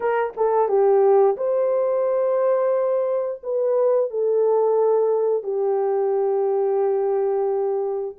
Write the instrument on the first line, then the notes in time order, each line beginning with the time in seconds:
horn
0.00 A#4
0.36 A4
0.68 G4
1.36 C5
3.43 B4
4.10 A4
5.43 G4